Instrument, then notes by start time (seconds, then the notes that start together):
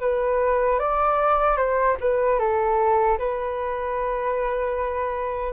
flute
0.00 B4
0.79 D5
1.57 C5
2.00 B4
2.39 A4
3.18 B4